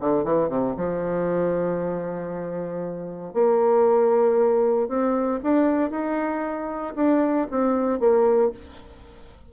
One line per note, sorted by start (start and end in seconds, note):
0.00 0.24 D3
0.24 0.49 E3
0.49 0.75 C3
0.77 3.33 F3
3.33 4.88 A#3
4.88 5.40 C4
5.43 5.90 D4
5.90 6.94 D#4
6.95 7.47 D4
7.51 7.99 C4
7.99 8.51 A#3